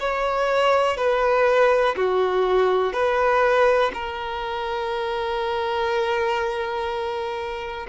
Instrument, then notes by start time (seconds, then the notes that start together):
violin
0.00 C#5
0.97 B4
1.96 F#4
2.93 B4
3.94 A#4